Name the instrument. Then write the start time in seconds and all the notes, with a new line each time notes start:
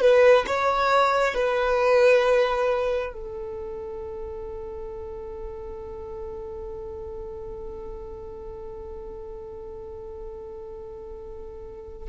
violin
0.00 B4
0.46 C#5
1.34 B4
3.13 A4